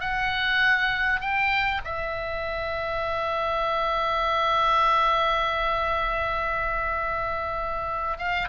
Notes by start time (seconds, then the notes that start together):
0.00 F#5
1.21 G5
1.85 E5
8.18 F5